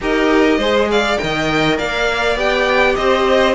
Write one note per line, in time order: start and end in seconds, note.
0.00 0.57 D#4
0.00 0.60 G4
0.00 0.58 A#4
0.00 0.91 D#5
0.57 1.17 G#3
0.57 1.18 G#4
0.57 0.87 C5
0.90 1.20 D5
0.90 1.17 F5
1.17 1.79 D#3
1.17 2.36 A#4
1.17 1.76 G5
1.23 1.77 D#5
1.77 2.35 A#3
1.77 2.96 D5
1.77 2.37 F5
2.35 2.94 B3
2.35 3.55 G4
2.35 2.95 G5
2.95 3.55 C4
2.95 3.55 C5
2.95 3.54 D#5